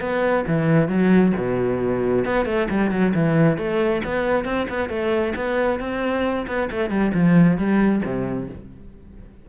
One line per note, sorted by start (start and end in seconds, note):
0.00 0.44 B3
0.47 0.88 E3
0.88 1.33 F#3
1.36 2.25 B2
2.25 2.45 B3
2.45 2.67 A3
2.69 2.91 G3
2.91 3.13 F#3
3.14 3.57 E3
3.57 4.02 A3
4.04 4.45 B3
4.45 4.67 C4
4.69 4.89 B3
4.89 5.33 A3
5.35 5.79 B3
5.79 6.46 C4
6.47 6.69 B3
6.71 6.89 A3
6.89 7.12 G3
7.14 7.57 F3
7.57 8.02 G3
8.05 8.49 C3